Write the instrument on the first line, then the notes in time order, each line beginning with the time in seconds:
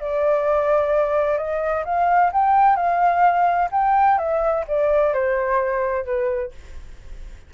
flute
0.00 D5
1.38 D#5
1.85 F5
2.33 G5
2.76 F5
3.71 G5
4.18 E5
4.68 D5
5.14 C5
6.05 B4